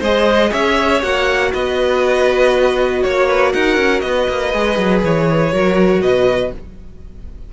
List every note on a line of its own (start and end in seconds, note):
0.00 0.51 G#3
0.00 1.02 G#4
0.00 0.50 C5
0.00 0.52 D#5
0.51 1.03 C#4
0.51 1.51 C#5
0.51 1.02 E5
1.02 1.53 A#3
1.02 4.52 F#4
1.02 1.53 F#5
1.53 3.04 B3
1.53 3.03 B4
1.53 3.03 D#5
3.03 3.54 A#3
3.03 3.53 C#5
3.03 3.28 C#5
3.28 3.53 B4
3.53 3.77 D#4
3.53 4.03 A#4
3.53 4.01 F#5
3.77 4.02 C#4
4.01 4.28 B3
4.01 5.54 B4
4.01 5.01 D#5
4.29 4.54 A#3
4.54 4.78 G#3
4.54 5.53 G#4
4.78 5.03 F#3
5.04 5.53 E3
5.04 6.02 C#5
5.53 6.01 F#3
5.53 6.53 F#4
5.53 6.04 A#4
6.01 6.51 B2
6.01 6.54 B4
6.01 6.52 D#5